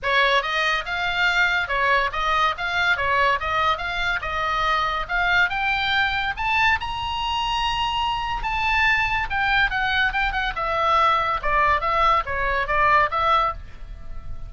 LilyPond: \new Staff \with { instrumentName = "oboe" } { \time 4/4 \tempo 4 = 142 cis''4 dis''4 f''2 | cis''4 dis''4 f''4 cis''4 | dis''4 f''4 dis''2 | f''4 g''2 a''4 |
ais''1 | a''2 g''4 fis''4 | g''8 fis''8 e''2 d''4 | e''4 cis''4 d''4 e''4 | }